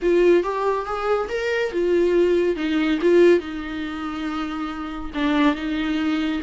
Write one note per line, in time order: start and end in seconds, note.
0.01 0.43 F4
0.43 0.85 G4
0.85 1.28 G#4
1.29 1.71 A#4
1.72 2.56 F4
2.56 2.98 D#4
3.01 3.39 F4
3.39 5.11 D#4
5.14 5.55 D4
5.55 6.41 D#4